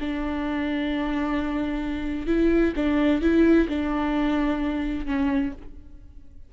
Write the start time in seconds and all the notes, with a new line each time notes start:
0.00 D4
2.27 E4
2.76 D4
3.22 E4
3.69 D4
5.06 C#4